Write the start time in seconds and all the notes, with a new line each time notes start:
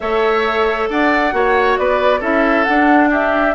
0.00 A3 A4 C#5 E5
0.89 D4 D5 F#5
1.32 A#3 F#4 C#5
1.77 B3 B4 D5
2.20 C#4 E4 A4 E5
2.64 D4 F#5
3.10 G4 E5